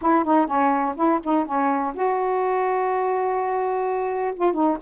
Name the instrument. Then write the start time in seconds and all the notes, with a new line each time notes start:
saxophone
0.01 E4
0.24 D#4
0.46 C#4
0.96 E4
1.23 D#4
1.45 C#4
1.93 F#4
4.35 F4
4.53 D#4